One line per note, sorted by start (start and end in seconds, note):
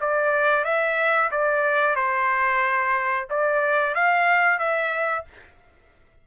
0.00 0.64 D5
0.64 1.30 E5
1.31 1.95 D5
1.95 3.27 C5
3.30 3.94 D5
3.94 4.59 F5
4.59 5.24 E5